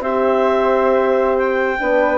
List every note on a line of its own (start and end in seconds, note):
0.00 1.77 C4
0.00 1.79 G4
0.00 1.80 C5
0.00 1.37 E5
1.38 2.18 G5
1.79 2.18 B3
1.79 2.18 D4
1.79 2.18 B4